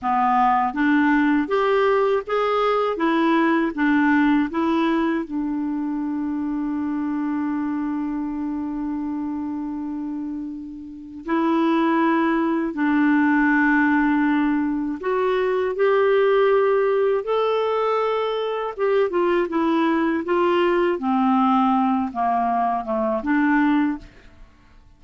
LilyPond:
\new Staff \with { instrumentName = "clarinet" } { \time 4/4 \tempo 4 = 80 b4 d'4 g'4 gis'4 | e'4 d'4 e'4 d'4~ | d'1~ | d'2. e'4~ |
e'4 d'2. | fis'4 g'2 a'4~ | a'4 g'8 f'8 e'4 f'4 | c'4. ais4 a8 d'4 | }